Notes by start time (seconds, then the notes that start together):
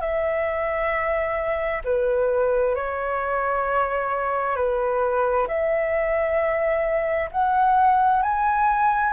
0.00 E5
1.84 B4
2.75 C#5
4.56 B4
5.47 E5
7.31 F#5
8.22 G#5